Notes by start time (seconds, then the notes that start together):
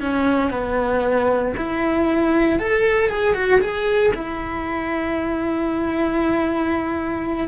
0.00 C#4
0.51 B3
1.57 E4
2.59 A4
3.08 G#4
3.34 F#4
3.61 G#4
4.14 E4